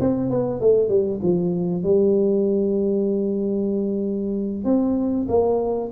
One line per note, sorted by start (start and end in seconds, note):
0.00 0.30 C4
0.30 0.60 B3
0.60 0.89 A3
0.89 1.20 G3
1.22 1.83 F3
1.83 4.64 G3
4.64 5.27 C4
5.28 5.91 A#3